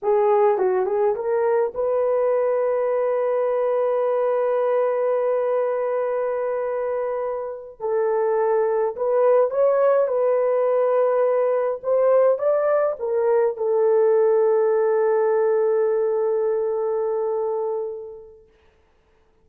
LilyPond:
\new Staff \with { instrumentName = "horn" } { \time 4/4 \tempo 4 = 104 gis'4 fis'8 gis'8 ais'4 b'4~ | b'1~ | b'1~ | b'4. a'2 b'8~ |
b'8 cis''4 b'2~ b'8~ | b'8 c''4 d''4 ais'4 a'8~ | a'1~ | a'1 | }